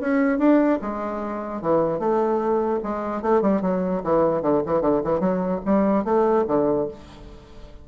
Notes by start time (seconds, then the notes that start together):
0.00 C#4
0.39 D4
0.82 G#3
1.62 E3
1.99 A3
2.83 G#3
3.22 A3
3.42 G3
3.62 F#3
4.04 E3
4.42 D3
4.66 E3
4.81 D3
5.04 E3
5.20 F#3
5.65 G3
6.05 A3
6.48 D3